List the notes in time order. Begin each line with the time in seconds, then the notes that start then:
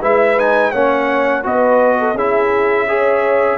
0.00 G#3 E4 B4 E5
0.37 D#4 G#5
0.71 A#3 C#4 C#5 F#5
1.43 B3 F#4 B4 D#5
1.99 A4
2.13 C#4 E4 G#4 E5
2.88 G#4 C#5